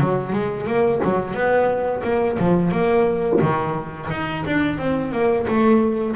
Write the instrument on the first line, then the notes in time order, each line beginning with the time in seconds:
double bass
0.00 F#3
0.32 G#3
0.66 A#3
1.04 F#3
1.34 B3
2.03 A#3
2.39 F3
2.71 A#3
3.41 D#3
4.10 D#4
4.46 D4
4.78 C4
5.12 A#3
5.47 A3